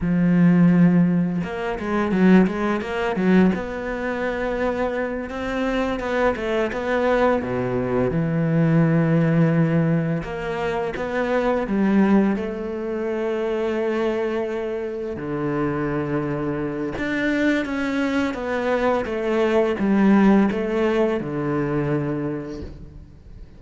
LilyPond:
\new Staff \with { instrumentName = "cello" } { \time 4/4 \tempo 4 = 85 f2 ais8 gis8 fis8 gis8 | ais8 fis8 b2~ b8 c'8~ | c'8 b8 a8 b4 b,4 e8~ | e2~ e8 ais4 b8~ |
b8 g4 a2~ a8~ | a4. d2~ d8 | d'4 cis'4 b4 a4 | g4 a4 d2 | }